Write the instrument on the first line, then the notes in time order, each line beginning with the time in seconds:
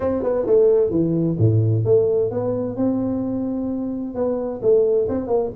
tuba
0.00 C4
0.23 B3
0.46 A3
0.90 E3
1.38 A2
1.85 A3
2.30 B3
2.76 C4
4.14 B3
4.62 A3
5.08 C4
5.27 A#3